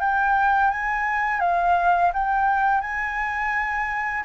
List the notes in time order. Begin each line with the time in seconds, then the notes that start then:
0.00 G5
0.70 G#5
1.40 F5
2.13 G5
2.81 G#5